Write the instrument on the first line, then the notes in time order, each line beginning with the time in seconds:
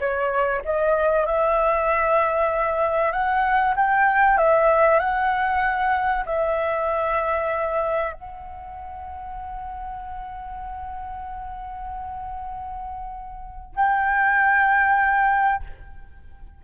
flute
0.00 C#5
0.65 D#5
1.26 E5
3.12 F#5
3.76 G5
4.38 E5
5.00 F#5
6.26 E5
8.13 F#5
13.76 G5